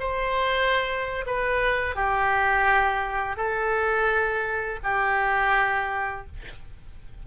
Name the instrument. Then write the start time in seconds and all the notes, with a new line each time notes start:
oboe
0.00 C5
1.27 B4
1.95 G4
3.37 A4
4.84 G4